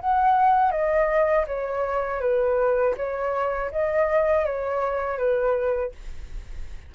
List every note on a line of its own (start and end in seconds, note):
0.00 0.71 F#5
0.71 1.45 D#5
1.47 2.20 C#5
2.20 2.94 B4
2.97 3.71 C#5
3.71 4.45 D#5
4.45 5.18 C#5
5.18 5.92 B4